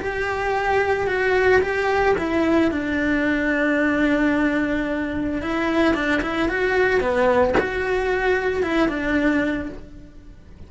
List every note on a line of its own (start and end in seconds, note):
0.00 1.07 G4
1.07 1.61 F#4
1.62 2.16 G4
2.18 2.71 E4
2.71 5.42 D4
5.42 5.94 E4
5.94 6.21 D4
6.22 6.49 E4
6.49 7.00 F#4
7.00 7.55 B3
7.59 8.63 F#4
8.63 8.88 E4
8.88 9.70 D4